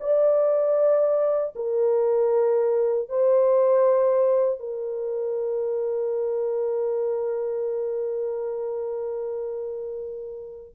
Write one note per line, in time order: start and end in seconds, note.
0.00 1.54 D5
1.55 3.08 A#4
3.08 4.59 C5
4.59 10.74 A#4